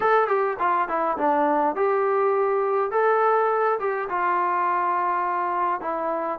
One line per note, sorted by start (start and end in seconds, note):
0.00 0.27 A4
0.27 0.56 G4
0.59 0.88 F4
0.88 1.17 E4
1.17 1.75 D4
1.75 2.91 G4
2.91 3.78 A4
3.79 4.08 G4
4.09 5.80 F4
5.80 6.39 E4